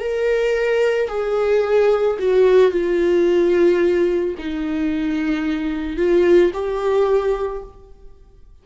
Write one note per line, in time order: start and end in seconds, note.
0.00 1.08 A#4
1.08 2.17 G#4
2.19 2.71 F#4
2.71 4.35 F4
4.38 5.97 D#4
5.97 6.52 F4
6.53 7.62 G4